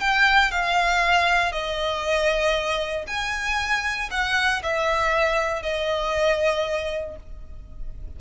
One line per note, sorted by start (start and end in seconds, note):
0.00 0.51 G5
0.51 1.52 F5
1.52 3.06 D#5
3.07 4.10 G#5
4.11 4.62 F#5
4.63 5.62 E5
5.62 7.16 D#5